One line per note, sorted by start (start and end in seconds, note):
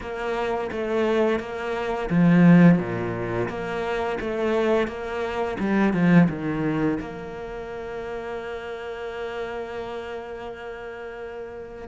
0.00 0.70 A#3
0.71 1.39 A3
1.39 2.09 A#3
2.10 2.78 F3
2.78 3.48 A#2
3.48 4.18 A#3
4.20 4.87 A3
4.87 5.57 A#3
5.59 5.93 G3
5.93 6.28 F3
6.29 6.99 D#3
7.00 11.88 A#3